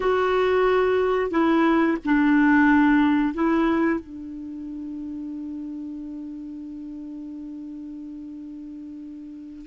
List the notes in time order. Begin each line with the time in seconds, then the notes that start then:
0.00 F#4
1.30 E4
2.05 D4
3.34 E4
4.00 D4